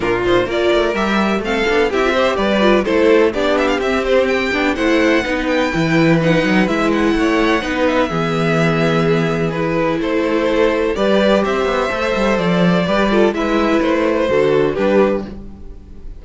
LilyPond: <<
  \new Staff \with { instrumentName = "violin" } { \time 4/4 \tempo 4 = 126 ais'8 c''8 d''4 e''4 f''4 | e''4 d''4 c''4 d''8 e''16 f''16 | e''8 c''8 g''4 fis''4. g''8~ | g''4 fis''4 e''8 fis''4.~ |
fis''8 e''2.~ e''8 | b'4 c''2 d''4 | e''2 d''2 | e''4 c''2 b'4 | }
  \new Staff \with { instrumentName = "violin" } { \time 4/4 f'4 ais'2 a'4 | g'8 c''8 b'4 a'4 g'4~ | g'2 c''4 b'4~ | b'2. cis''4 |
b'4 gis'2.~ | gis'4 a'2 b'4 | c''2. b'8 a'8 | b'2 a'4 g'4 | }
  \new Staff \with { instrumentName = "viola" } { \time 4/4 d'8 dis'8 f'4 g'4 c'8 d'8 | e'16 f'16 g'4 f'8 e'4 d'4 | c'4. d'8 e'4 dis'4 | e'4 dis'4 e'2 |
dis'4 b2. | e'2. g'4~ | g'4 a'2 g'8 f'8 | e'2 fis'4 d'4 | }
  \new Staff \with { instrumentName = "cello" } { \time 4/4 ais,4 ais8 a8 g4 a8 b8 | c'4 g4 a4 b4 | c'4. b8 a4 b4 | e4. fis8 gis4 a4 |
b4 e2.~ | e4 a2 g4 | c'8 b8 a8 g8 f4 g4 | gis4 a4 d4 g4 | }
>>